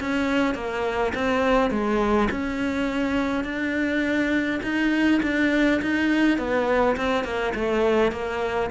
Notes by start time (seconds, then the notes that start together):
0.00 C#4
0.54 A#3
1.14 C4
1.70 G#3
2.30 C#4
3.44 D4
4.63 D#4
5.22 D4
5.81 D#4
6.38 B3
6.96 C4
7.24 A#3
7.54 A3
8.11 A#3